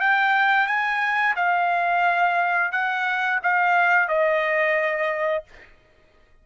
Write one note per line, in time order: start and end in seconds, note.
0.00 0.67 G5
0.67 1.35 G#5
1.36 2.72 F5
2.72 3.40 F#5
3.43 4.08 F5
4.08 5.44 D#5